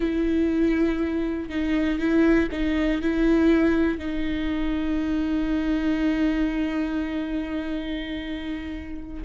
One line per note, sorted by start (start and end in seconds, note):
0.00 1.49 E4
1.49 1.99 D#4
1.99 2.49 E4
2.51 3.01 D#4
3.01 3.98 E4
3.98 9.23 D#4